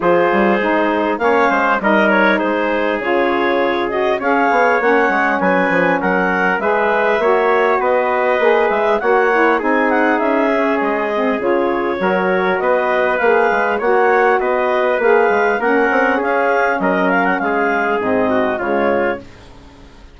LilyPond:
<<
  \new Staff \with { instrumentName = "clarinet" } { \time 4/4 \tempo 4 = 100 c''2 f''4 dis''8 cis''8 | c''4 cis''4. dis''8 f''4 | fis''4 gis''4 fis''4 e''4~ | e''4 dis''4. e''8 fis''4 |
gis''8 fis''8 e''4 dis''4 cis''4~ | cis''4 dis''4 f''4 fis''4 | dis''4 f''4 fis''4 f''4 | dis''8 f''16 fis''16 f''4 dis''4 cis''4 | }
  \new Staff \with { instrumentName = "trumpet" } { \time 4/4 gis'2 cis''8 c''8 ais'4 | gis'2. cis''4~ | cis''4 b'4 ais'4 b'4 | cis''4 b'2 cis''4 |
gis'1 | ais'4 b'2 cis''4 | b'2 ais'4 gis'4 | ais'4 gis'4. fis'8 f'4 | }
  \new Staff \with { instrumentName = "saxophone" } { \time 4/4 f'4 dis'4 cis'4 dis'4~ | dis'4 f'4. fis'8 gis'4 | cis'2. gis'4 | fis'2 gis'4 fis'8 e'8 |
dis'4. cis'4 c'8 f'4 | fis'2 gis'4 fis'4~ | fis'4 gis'4 cis'2~ | cis'2 c'4 gis4 | }
  \new Staff \with { instrumentName = "bassoon" } { \time 4/4 f8 g8 gis4 ais8 gis8 g4 | gis4 cis2 cis'8 b8 | ais8 gis8 fis8 f8 fis4 gis4 | ais4 b4 ais8 gis8 ais4 |
c'4 cis'4 gis4 cis4 | fis4 b4 ais8 gis8 ais4 | b4 ais8 gis8 ais8 c'8 cis'4 | fis4 gis4 gis,4 cis4 | }
>>